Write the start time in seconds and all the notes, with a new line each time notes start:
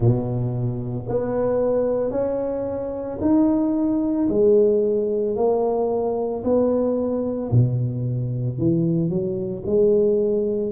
0.00 B2
1.08 B3
2.10 C#4
3.20 D#4
4.29 G#3
5.36 A#3
6.44 B3
7.51 B2
8.58 E3
9.09 F#3
9.65 G#3